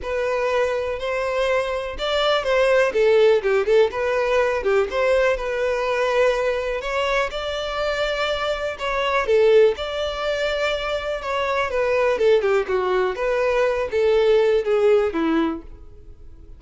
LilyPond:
\new Staff \with { instrumentName = "violin" } { \time 4/4 \tempo 4 = 123 b'2 c''2 | d''4 c''4 a'4 g'8 a'8 | b'4. g'8 c''4 b'4~ | b'2 cis''4 d''4~ |
d''2 cis''4 a'4 | d''2. cis''4 | b'4 a'8 g'8 fis'4 b'4~ | b'8 a'4. gis'4 e'4 | }